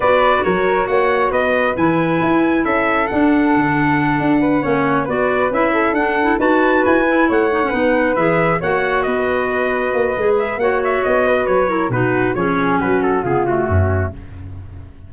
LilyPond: <<
  \new Staff \with { instrumentName = "trumpet" } { \time 4/4 \tempo 4 = 136 d''4 cis''4 fis''4 dis''4 | gis''2 e''4 fis''4~ | fis''2.~ fis''8 d''8~ | d''8 e''4 fis''4 a''4 gis''8~ |
gis''8 fis''2 e''4 fis''8~ | fis''8 dis''2. e''8 | fis''8 e''8 dis''4 cis''4 b'4 | cis''4 b'8 a'8 gis'8 fis'4. | }
  \new Staff \with { instrumentName = "flute" } { \time 4/4 b'4 ais'4 cis''4 b'4~ | b'2 a'2~ | a'2 b'8 cis''4 b'8~ | b'4 a'4. b'4.~ |
b'8 cis''4 b'2 cis''8~ | cis''8 b'2.~ b'8 | cis''4. b'4 ais'8 fis'4 | gis'4 fis'4 f'4 cis'4 | }
  \new Staff \with { instrumentName = "clarinet" } { \time 4/4 fis'1 | e'2. d'4~ | d'2~ d'8 cis'4 fis'8~ | fis'8 e'4 d'8 e'8 fis'4. |
e'4 dis'16 cis'16 dis'4 gis'4 fis'8~ | fis'2. gis'4 | fis'2~ fis'8 e'8 dis'4 | cis'2 b8 a4. | }
  \new Staff \with { instrumentName = "tuba" } { \time 4/4 b4 fis4 ais4 b4 | e4 e'4 cis'4 d'4 | d4. d'4 ais4 b8~ | b8 cis'4 d'4 dis'4 e'8~ |
e'8 a4 b4 e4 ais8~ | ais8 b2 ais8 gis4 | ais4 b4 fis4 b,4 | f4 fis4 cis4 fis,4 | }
>>